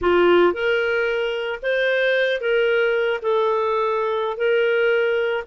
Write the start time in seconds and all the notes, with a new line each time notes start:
0.01 F4
0.53 A#4
1.62 C5
2.40 A#4
3.21 A4
4.37 A#4